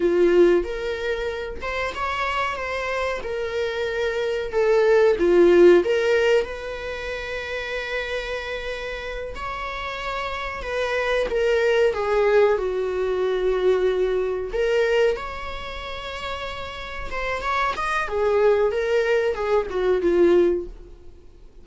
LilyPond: \new Staff \with { instrumentName = "viola" } { \time 4/4 \tempo 4 = 93 f'4 ais'4. c''8 cis''4 | c''4 ais'2 a'4 | f'4 ais'4 b'2~ | b'2~ b'8 cis''4.~ |
cis''8 b'4 ais'4 gis'4 fis'8~ | fis'2~ fis'8 ais'4 cis''8~ | cis''2~ cis''8 c''8 cis''8 dis''8 | gis'4 ais'4 gis'8 fis'8 f'4 | }